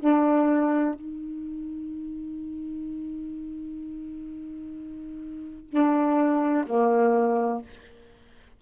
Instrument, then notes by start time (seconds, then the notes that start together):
saxophone
0.00 D4
0.95 D#4
5.70 D4
6.67 A#3